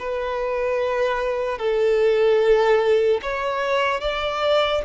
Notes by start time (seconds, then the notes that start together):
0.00 B4
1.59 A4
3.23 C#5
4.01 D5